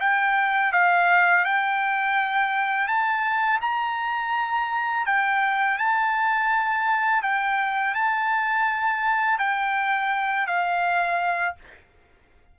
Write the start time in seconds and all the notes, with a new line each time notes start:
0.00 G5
0.72 F5
1.45 G5
2.88 A5
3.61 A#5
5.06 G5
5.78 A5
7.22 G5
7.94 A5
9.38 G5
10.47 F5